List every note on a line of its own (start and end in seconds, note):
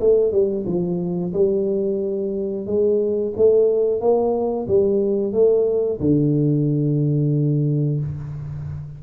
0.00 0.32 A3
0.32 0.65 G3
0.66 1.33 F3
1.33 2.66 G3
2.66 3.33 G#3
3.37 4.01 A3
4.01 4.67 A#3
4.68 5.33 G3
5.33 6.00 A3
6.00 8.00 D3